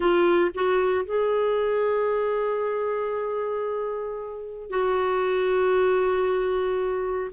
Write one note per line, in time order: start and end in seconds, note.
0.00 0.51 F4
0.54 1.05 F#4
1.05 4.70 G#4
4.70 7.30 F#4